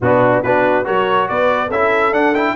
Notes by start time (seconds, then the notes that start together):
0.00 B2 B3 D4 F#4
0.43 B3 D4 F#4 B4
0.84 F#3 F#4 A#4 C#5
1.28 B3 B4 D5
1.67 C#4 A4 E5
1.74 E4
2.12 D4 F#5
2.34 E4 G5